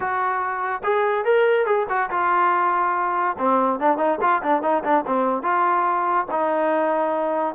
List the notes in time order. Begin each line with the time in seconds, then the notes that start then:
0.00 F#4
0.83 G#4
1.25 A#4
1.66 G#4
1.89 F#4
2.10 F4
3.38 C4
3.79 D4
3.97 D#4
4.21 F4
4.42 D4
4.62 D#4
4.84 D4
5.06 C4
5.42 F4
6.31 D#4